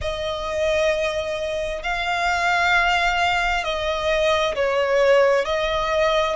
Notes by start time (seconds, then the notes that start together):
0.01 D#5
1.82 F5
3.64 D#5
4.55 C#5
5.45 D#5